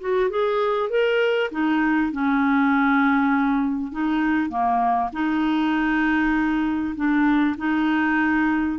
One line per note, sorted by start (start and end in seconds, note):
0.00 0.30 F#4
0.30 0.90 G#4
0.90 1.50 A#4
1.51 2.12 D#4
2.12 3.92 C#4
3.92 4.49 D#4
4.49 5.10 A#3
5.13 6.95 D#4
6.96 7.56 D4
7.58 8.79 D#4